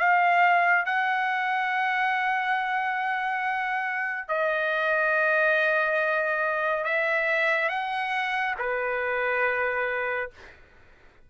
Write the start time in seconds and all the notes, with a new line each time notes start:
0.00 F5
0.86 F#5
4.29 D#5
6.85 E5
7.69 F#5
8.59 B4